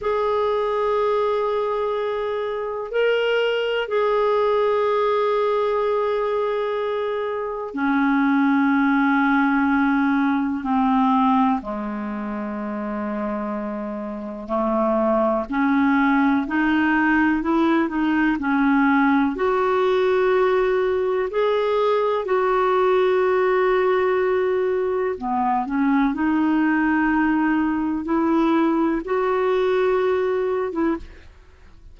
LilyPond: \new Staff \with { instrumentName = "clarinet" } { \time 4/4 \tempo 4 = 62 gis'2. ais'4 | gis'1 | cis'2. c'4 | gis2. a4 |
cis'4 dis'4 e'8 dis'8 cis'4 | fis'2 gis'4 fis'4~ | fis'2 b8 cis'8 dis'4~ | dis'4 e'4 fis'4.~ fis'16 e'16 | }